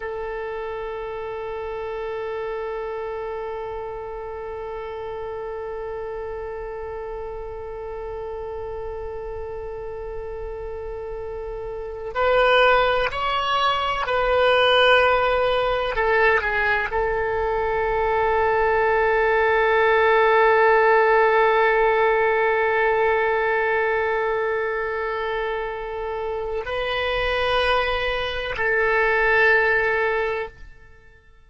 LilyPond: \new Staff \with { instrumentName = "oboe" } { \time 4/4 \tempo 4 = 63 a'1~ | a'1~ | a'1~ | a'8. b'4 cis''4 b'4~ b'16~ |
b'8. a'8 gis'8 a'2~ a'16~ | a'1~ | a'1 | b'2 a'2 | }